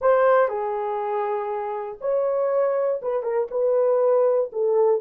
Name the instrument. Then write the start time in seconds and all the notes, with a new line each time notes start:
horn
0.01 C5
0.48 G#4
2.00 C#5
3.01 B4
3.22 A#4
3.50 B4
4.52 A4